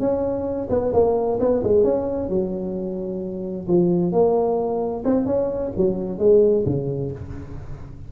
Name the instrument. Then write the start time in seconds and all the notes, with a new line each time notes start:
tuba
0.00 C#4
0.70 B3
0.93 A#3
1.40 B3
1.64 G#3
1.84 C#4
2.29 F#3
3.68 F3
4.12 A#3
5.05 C4
5.26 C#4
5.77 F#3
6.19 G#3
6.66 C#3